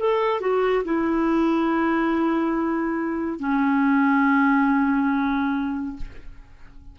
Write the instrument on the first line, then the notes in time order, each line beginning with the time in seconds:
clarinet
0.00 A4
0.41 F#4
0.85 E4
3.40 C#4